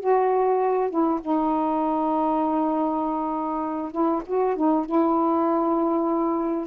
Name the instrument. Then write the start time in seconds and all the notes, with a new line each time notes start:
saxophone
0.00 F#4
0.90 E4
1.21 D#4
3.92 E4
4.26 F#4
4.56 D#4
4.86 E4